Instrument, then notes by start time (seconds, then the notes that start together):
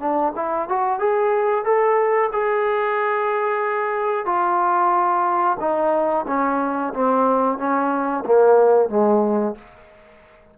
trombone
0.00 D4
0.36 E4
0.69 F#4
1.00 G#4
1.65 A4
2.33 G#4
4.26 F4
5.60 D#4
6.28 C#4
6.94 C4
7.58 C#4
8.26 A#3
8.90 G#3